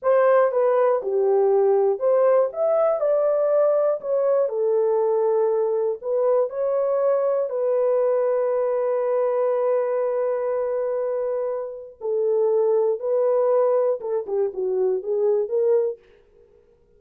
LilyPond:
\new Staff \with { instrumentName = "horn" } { \time 4/4 \tempo 4 = 120 c''4 b'4 g'2 | c''4 e''4 d''2 | cis''4 a'2. | b'4 cis''2 b'4~ |
b'1~ | b'1 | a'2 b'2 | a'8 g'8 fis'4 gis'4 ais'4 | }